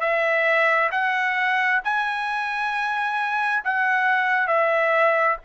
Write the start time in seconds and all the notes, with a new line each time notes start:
0.00 E5
0.91 F#5
1.84 G#5
3.64 F#5
4.47 E5